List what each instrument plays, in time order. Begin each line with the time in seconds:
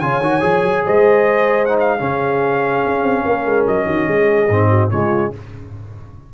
0.00 tuba C#3, trombone F4, horn C#5, trumpet G#5
0.21 tuba D#3, trombone F#4
0.41 tuba F3, trombone G#4
0.63 tuba F#3
0.85 tuba G#3, horn C5, trumpet D#5
1.66 trombone D#4, trumpet F#5
1.80 trumpet F5
1.98 tuba C#3, trombone C#4, horn G#4
2.86 tuba C#4
3.03 tuba C4
3.26 tuba A#3, horn A#4
3.46 tuba G#3
3.67 tuba F#3, trumpet D#5
3.86 tuba D#3, horn F#4
4.08 tuba G#3, horn G#4
4.49 tuba G#2, trombone C4
4.69 horn F#4
4.90 tuba C#3, trombone G#3, horn F4, trumpet C#5